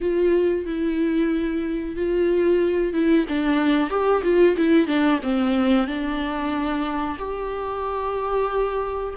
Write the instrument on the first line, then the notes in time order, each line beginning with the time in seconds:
viola
0.01 F4
0.66 E4
1.96 F4
2.93 E4
3.28 D4
3.90 G4
4.23 F4
4.56 E4
4.87 D4
5.23 C4
5.87 D4
7.18 G4